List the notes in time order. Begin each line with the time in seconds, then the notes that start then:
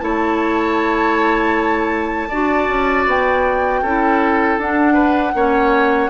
0.00 A3 E4 C#5 A5
2.29 D4 F#4 D5
2.68 C#4
3.06 B3 G5
3.82 C#4 E4 A4
4.58 D4 F#5
4.94 B4
5.34 A#3 C#4 C#5